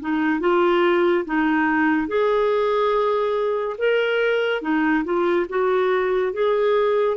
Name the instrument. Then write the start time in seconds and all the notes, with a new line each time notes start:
clarinet
0.00 D#4
0.40 F4
1.25 D#4
2.07 G#4
3.78 A#4
4.61 D#4
5.04 F4
5.49 F#4
6.32 G#4